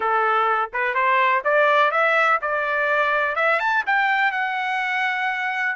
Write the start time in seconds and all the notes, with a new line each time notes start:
0.00 A4
0.73 B4
0.94 C5
1.44 D5
1.91 E5
2.41 D5
3.35 E5
3.59 A5
3.86 G5
4.31 F#5